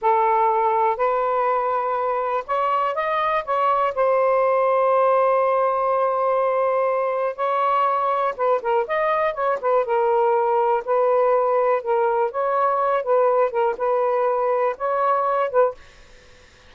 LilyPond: \new Staff \with { instrumentName = "saxophone" } { \time 4/4 \tempo 4 = 122 a'2 b'2~ | b'4 cis''4 dis''4 cis''4 | c''1~ | c''2. cis''4~ |
cis''4 b'8 ais'8 dis''4 cis''8 b'8 | ais'2 b'2 | ais'4 cis''4. b'4 ais'8 | b'2 cis''4. b'8 | }